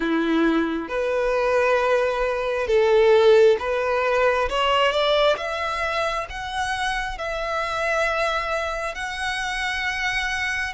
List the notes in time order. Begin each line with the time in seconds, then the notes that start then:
0.00 E4
0.88 B4
2.67 A4
3.59 B4
4.49 C#5
4.91 D5
5.37 E5
6.29 F#5
7.18 E5
8.94 F#5